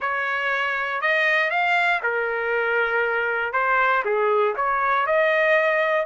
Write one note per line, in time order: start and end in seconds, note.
0.00 1.01 C#5
1.01 1.50 D#5
1.50 2.00 F5
2.02 3.52 A#4
3.52 4.03 C5
4.05 4.55 G#4
4.56 5.06 C#5
5.06 6.06 D#5